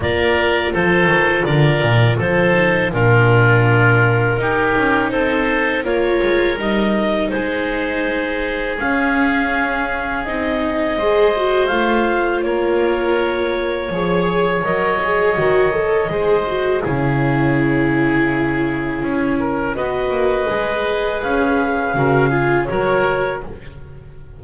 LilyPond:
<<
  \new Staff \with { instrumentName = "clarinet" } { \time 4/4 \tempo 4 = 82 d''4 c''4 d''4 c''4 | ais'2. c''4 | cis''4 dis''4 c''2 | f''2 dis''2 |
f''4 cis''2. | dis''2. cis''4~ | cis''2. dis''4~ | dis''4 f''2 cis''4 | }
  \new Staff \with { instrumentName = "oboe" } { \time 4/4 ais'4 a'4 ais'4 a'4 | f'2 g'4 a'4 | ais'2 gis'2~ | gis'2. c''4~ |
c''4 ais'2 cis''4~ | cis''2 c''4 gis'4~ | gis'2~ gis'8 ais'8 b'4~ | b'2 ais'8 gis'8 ais'4 | }
  \new Staff \with { instrumentName = "viola" } { \time 4/4 f'2.~ f'8 dis'8 | d'2 dis'2 | f'4 dis'2. | cis'2 dis'4 gis'8 fis'8 |
f'2. gis'4 | ais'8 gis'8 fis'8 a'8 gis'8 fis'8 e'4~ | e'2. fis'4 | gis'2 fis'8 f'8 fis'4 | }
  \new Staff \with { instrumentName = "double bass" } { \time 4/4 ais4 f8 dis8 d8 ais,8 f4 | ais,2 dis'8 cis'8 c'4 | ais8 gis8 g4 gis2 | cis'2 c'4 gis4 |
a4 ais2 f4 | fis4 dis4 gis4 cis4~ | cis2 cis'4 b8 ais8 | gis4 cis'4 cis4 fis4 | }
>>